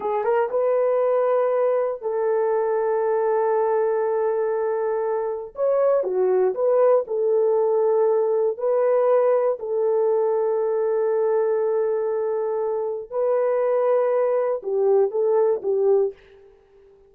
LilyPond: \new Staff \with { instrumentName = "horn" } { \time 4/4 \tempo 4 = 119 gis'8 ais'8 b'2. | a'1~ | a'2. cis''4 | fis'4 b'4 a'2~ |
a'4 b'2 a'4~ | a'1~ | a'2 b'2~ | b'4 g'4 a'4 g'4 | }